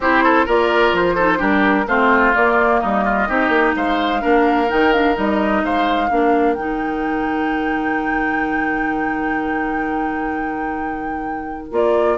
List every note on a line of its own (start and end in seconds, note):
0.00 0.45 C4
0.00 0.47 E4
0.00 0.23 G4
0.00 0.48 C5
0.23 0.45 A4
0.45 0.93 A#3
0.45 1.17 F4
0.45 1.15 A#4
0.45 0.95 D5
0.93 1.39 F3
0.93 1.41 C5
1.15 1.38 D#4
1.15 1.38 A4
1.38 1.86 G3
1.38 1.85 D4
1.38 1.84 G4
1.38 1.87 A#4
1.86 2.33 A3
1.86 2.34 C4
1.86 2.80 F4
1.86 2.34 C5
2.34 3.28 A#3
2.34 2.83 A#3
2.34 2.79 D5
2.79 3.28 G3
2.79 3.04 D#4
2.79 3.72 D#5
3.04 3.27 F4
3.28 3.48 C4
3.28 4.20 D#4
3.28 3.75 G4
3.48 3.72 A#3
3.76 4.22 G#3
3.76 4.21 C5
3.76 4.70 F5
4.20 4.71 A#3
4.20 4.67 D4
4.20 5.62 A#4
4.68 5.17 D#3
4.68 4.92 D#4
4.68 4.93 G5
4.92 5.14 D4
4.92 5.16 F5
5.14 5.63 G3
5.14 6.08 D#4
5.14 5.64 D#5
5.63 6.10 G#3
5.63 6.10 C5
5.63 6.53 F5
6.10 6.56 A#3
6.10 6.57 D4
6.10 12.17 A#4
6.53 11.71 D#3
6.53 11.71 D#4
6.53 11.68 G5
11.71 12.17 A#3
11.71 12.17 F4
11.71 12.17 D5